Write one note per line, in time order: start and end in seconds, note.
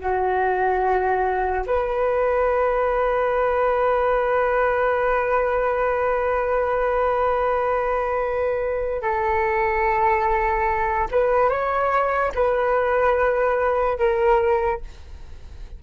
0.00 1.64 F#4
1.66 9.02 B4
9.02 11.07 A4
11.11 11.49 B4
11.49 12.31 C#5
12.34 13.98 B4
13.98 14.80 A#4